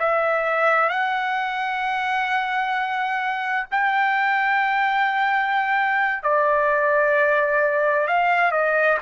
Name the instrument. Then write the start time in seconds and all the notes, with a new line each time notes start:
trumpet
0.00 E5
0.90 F#5
3.71 G5
6.23 D5
8.08 F5
8.52 D#5